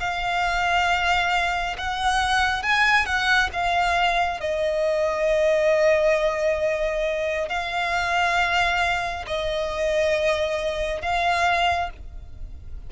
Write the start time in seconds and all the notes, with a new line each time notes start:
0.00 F5
1.78 F#5
2.63 G#5
3.06 F#5
3.53 F5
4.40 D#5
7.49 F5
9.27 D#5
11.02 F5